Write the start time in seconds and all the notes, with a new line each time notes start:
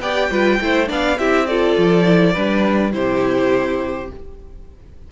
0.00 B3 G4 D5 G5
0.30 G3 F4 B4
0.60 A3 E4 C5
0.87 B3 D4 D5 F5
1.18 C4 E4 G4 E5
1.47 F4 A4 D5
1.77 F3
2.05 E4
2.33 G3 D4 B4
2.92 C3 E4 G4 C5